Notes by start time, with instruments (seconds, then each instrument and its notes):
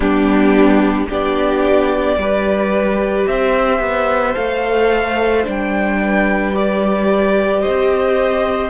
0.00 cello G3, viola B3, violin D4 G4
1.08 cello B3, viola D4, violin G4 D5
2.17 cello G3, viola G4, violin B4
3.27 cello C4, violin C5 E5
3.79 cello B3
4.34 cello A3, viola A4, violin F5
5.44 cello G3, viola D4, violin G5
6.00 violin B4
6.52 viola G4, violin D5
7.61 cello C4, violin C5 D#5